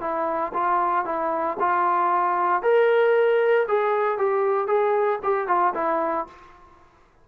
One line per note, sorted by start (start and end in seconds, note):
0.00 0.52 E4
0.53 1.05 F4
1.05 1.57 E4
1.59 2.62 F4
2.62 3.67 A#4
3.68 4.18 G#4
4.18 4.67 G4
4.67 5.19 G#4
5.23 5.48 G4
5.48 5.74 F4
5.74 6.27 E4